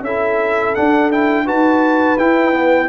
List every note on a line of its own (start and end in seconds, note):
0.00 0.71 C#4
0.00 1.45 A4
0.00 0.75 E5
0.06 0.76 E4
0.75 1.11 D4
0.75 1.49 D4
0.75 1.11 F#5
1.11 1.46 E4
1.11 1.47 G5
1.45 2.19 D#4
1.45 2.17 F#4
1.45 2.88 B4
1.45 2.18 A5
2.18 2.89 E4
2.18 2.52 E4
2.18 2.89 G5
2.52 2.88 B3